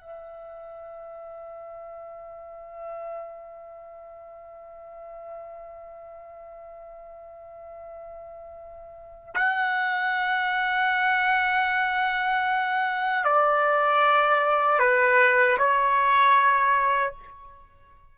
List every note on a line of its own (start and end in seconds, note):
0.00 9.34 E5
9.34 13.24 F#5
13.24 14.79 D5
14.79 15.57 B4
15.57 17.13 C#5